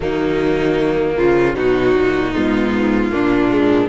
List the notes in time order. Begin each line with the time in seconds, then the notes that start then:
0.00 D#3 F#3 A#3 D#4
1.16 C#3 F3 F4
1.54 B2 F#3 D#4 F#4
1.94 A#2
2.34 G#2 B3 F4
3.11 A#2 A#3 D4
3.50 G#3